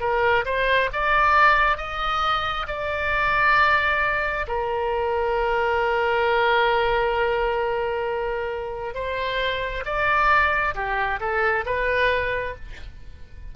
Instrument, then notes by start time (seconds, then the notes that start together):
oboe
0.00 A#4
0.45 C5
0.92 D5
1.77 D#5
2.67 D5
4.47 A#4
8.94 C5
9.85 D5
10.75 G4
11.20 A4
11.65 B4